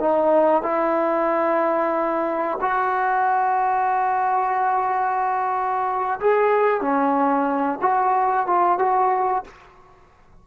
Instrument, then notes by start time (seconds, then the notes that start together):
trombone
0.00 D#4
0.63 E4
2.61 F#4
6.20 G#4
6.81 C#4
7.81 F#4
8.47 F4
8.79 F#4